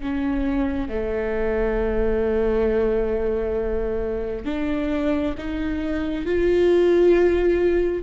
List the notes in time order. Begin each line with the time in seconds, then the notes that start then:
0.00 C#4
0.88 A3
4.45 D4
5.37 D#4
6.25 F4